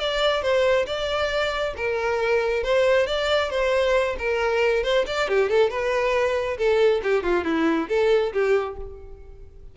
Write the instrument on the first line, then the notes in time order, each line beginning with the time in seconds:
violin
0.00 D5
0.42 C5
0.87 D5
1.77 A#4
2.64 C5
3.07 D5
3.51 C5
4.19 A#4
4.84 C5
5.07 D5
5.29 G4
5.50 A4
5.70 B4
6.58 A4
7.03 G4
7.23 F4
7.45 E4
7.89 A4
8.33 G4